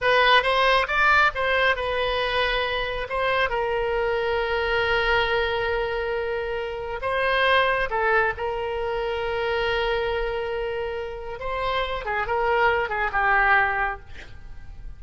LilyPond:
\new Staff \with { instrumentName = "oboe" } { \time 4/4 \tempo 4 = 137 b'4 c''4 d''4 c''4 | b'2. c''4 | ais'1~ | ais'1 |
c''2 a'4 ais'4~ | ais'1~ | ais'2 c''4. gis'8 | ais'4. gis'8 g'2 | }